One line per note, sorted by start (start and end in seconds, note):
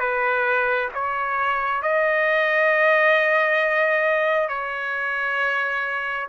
0.00 0.90 B4
0.94 1.83 C#5
1.83 4.49 D#5
4.49 6.28 C#5